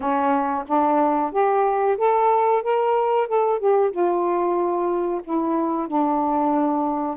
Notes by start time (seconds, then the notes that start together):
0.00 C#4
0.67 D4
1.32 G4
1.97 A4
2.62 A#4
3.27 A4
3.59 G4
3.90 F4
5.24 E4
5.87 D4